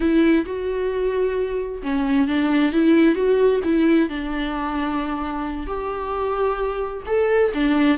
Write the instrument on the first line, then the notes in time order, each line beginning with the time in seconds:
viola
0.00 E4
0.45 F#4
1.82 C#4
2.27 D4
2.72 E4
3.15 F#4
3.64 E4
4.09 D4
5.67 G4
7.06 A4
7.53 D4